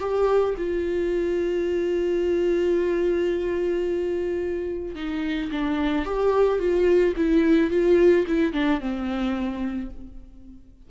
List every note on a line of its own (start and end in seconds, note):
0.00 0.55 G4
0.58 4.95 F4
4.95 5.50 D#4
5.52 6.05 D4
6.05 6.59 G4
6.59 7.14 F4
7.16 7.71 E4
7.71 8.26 F4
8.27 8.53 E4
8.53 8.80 D4
8.80 9.91 C4